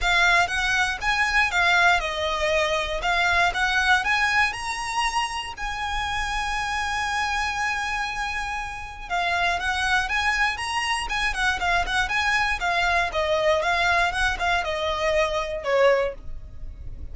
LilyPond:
\new Staff \with { instrumentName = "violin" } { \time 4/4 \tempo 4 = 119 f''4 fis''4 gis''4 f''4 | dis''2 f''4 fis''4 | gis''4 ais''2 gis''4~ | gis''1~ |
gis''2 f''4 fis''4 | gis''4 ais''4 gis''8 fis''8 f''8 fis''8 | gis''4 f''4 dis''4 f''4 | fis''8 f''8 dis''2 cis''4 | }